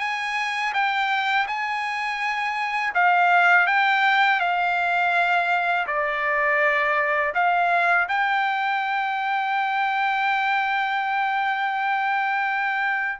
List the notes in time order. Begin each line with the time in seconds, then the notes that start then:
0.00 G#5
0.74 G5
1.47 G#5
2.95 F5
3.67 G5
4.40 F5
5.87 D5
7.35 F5
8.09 G5